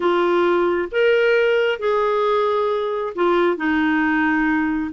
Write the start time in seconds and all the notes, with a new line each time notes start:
0.00 F4
0.91 A#4
1.79 G#4
3.15 F4
3.56 D#4